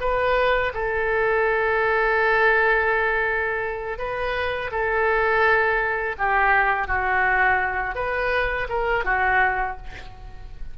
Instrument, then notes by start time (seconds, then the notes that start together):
oboe
0.00 B4
0.74 A4
3.98 B4
4.71 A4
6.18 G4
6.87 F#4
7.95 B4
8.69 A#4
9.04 F#4